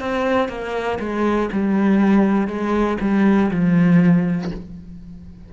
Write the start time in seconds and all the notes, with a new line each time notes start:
0.00 C4
0.49 A#3
1.00 G#3
1.52 G3
2.47 G#3
3.00 G3
3.51 F3